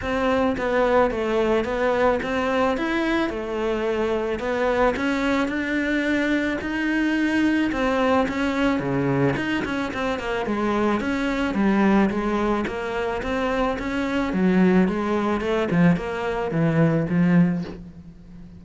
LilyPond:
\new Staff \with { instrumentName = "cello" } { \time 4/4 \tempo 4 = 109 c'4 b4 a4 b4 | c'4 e'4 a2 | b4 cis'4 d'2 | dis'2 c'4 cis'4 |
cis4 dis'8 cis'8 c'8 ais8 gis4 | cis'4 g4 gis4 ais4 | c'4 cis'4 fis4 gis4 | a8 f8 ais4 e4 f4 | }